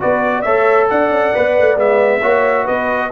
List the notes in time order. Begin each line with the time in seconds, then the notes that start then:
0.00 B3 F#4 B4 D5
0.35 D5
0.42 A3 A4 C#5 E5
0.90 D4 D5 F#5
1.10 C#4
1.34 B3 B4
1.58 A3
1.76 G#3 B3 E5
2.21 A#3 F#4 C#5
2.64 B3 B4 D#5